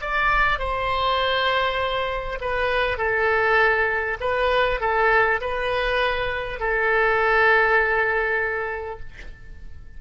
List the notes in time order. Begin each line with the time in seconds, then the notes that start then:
0.00 D5
0.58 C5
2.41 B4
2.97 A4
4.20 B4
4.80 A4
5.41 B4
6.59 A4